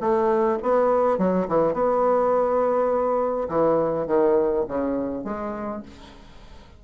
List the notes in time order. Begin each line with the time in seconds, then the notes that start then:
0.00 A3
0.62 B3
1.18 F#3
1.48 E3
1.73 B3
3.49 E3
4.07 D#3
4.68 C#3
5.24 G#3